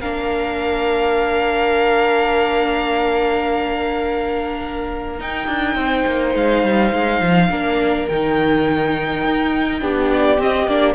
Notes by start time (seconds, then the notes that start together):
0.00 A#3 D4 A#4 F5
5.19 D#4 G5
5.47 D4
5.75 C4 C5
6.06 A#3
6.35 G#3 F5
6.63 G3
6.92 G#3
7.20 F3
7.49 A#3 D4 A#4
8.07 D#3 D#4 G5
9.24 D#4
9.80 B3 D4 G4
10.11 D5
10.38 C4 D#5
10.67 A#3 D4 D5